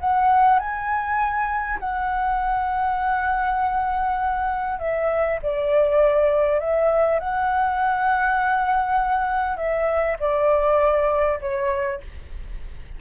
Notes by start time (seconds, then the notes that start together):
0.00 F#5
0.59 G#5
1.80 F#5
4.79 E5
5.42 D5
6.60 E5
7.20 F#5
9.57 E5
10.20 D5
11.41 C#5